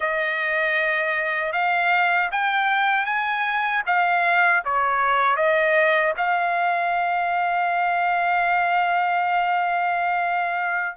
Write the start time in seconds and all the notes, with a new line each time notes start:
0.00 D#5
1.52 F5
2.31 G5
3.05 G#5
3.86 F5
4.64 C#5
5.36 D#5
6.17 F5